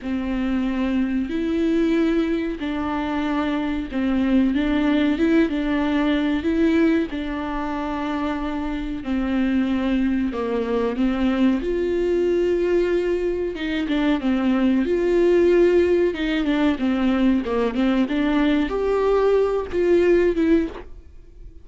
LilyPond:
\new Staff \with { instrumentName = "viola" } { \time 4/4 \tempo 4 = 93 c'2 e'2 | d'2 c'4 d'4 | e'8 d'4. e'4 d'4~ | d'2 c'2 |
ais4 c'4 f'2~ | f'4 dis'8 d'8 c'4 f'4~ | f'4 dis'8 d'8 c'4 ais8 c'8 | d'4 g'4. f'4 e'8 | }